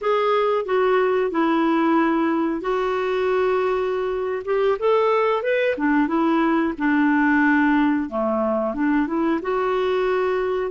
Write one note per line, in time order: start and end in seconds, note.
0.01 0.65 G#4
0.65 1.30 F#4
1.30 2.61 E4
2.61 4.42 F#4
4.44 4.77 G4
4.79 5.42 A4
5.42 5.75 B4
5.77 6.07 D4
6.07 6.73 E4
6.78 8.09 D4
8.09 8.74 A3
8.74 9.07 D4
9.07 9.40 E4
9.42 10.71 F#4